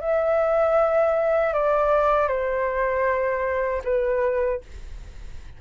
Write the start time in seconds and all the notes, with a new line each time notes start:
0.00 E5
1.53 D5
2.27 C5
3.84 B4